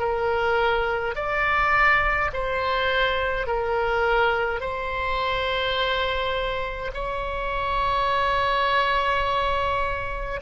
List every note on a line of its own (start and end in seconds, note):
0.00 1.15 A#4
1.16 2.31 D5
2.34 3.47 C5
3.47 4.61 A#4
4.61 6.92 C5
6.94 10.41 C#5